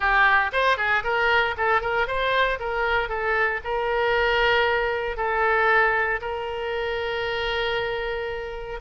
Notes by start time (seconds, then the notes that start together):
0.00 G4
0.52 C5
0.77 G#4
1.03 A#4
1.57 A4
1.81 A#4
2.07 C5
2.59 A#4
3.08 A4
3.63 A#4
5.16 A4
6.21 A#4